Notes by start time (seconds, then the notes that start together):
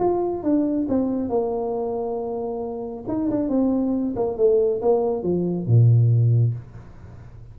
0.00 F4
0.44 D4
0.89 C4
1.30 A#3
3.09 D#4
3.31 D4
3.49 C4
4.16 A#3
4.38 A3
4.82 A#3
5.23 F3
5.67 A#2